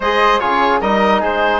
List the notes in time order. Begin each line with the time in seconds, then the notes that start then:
0.00 G#3 G#4 C5 D#5
0.39 C#3 F4 G#4 C#5
0.80 G3 D#4 A#4 D#5
1.20 G#3 G#4 C5